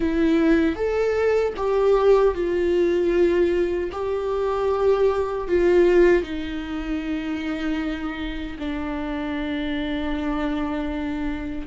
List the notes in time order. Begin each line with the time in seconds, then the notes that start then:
0.00 E4
0.75 A4
1.56 G4
2.34 F4
3.92 G4
5.48 F4
6.23 D#4
8.58 D4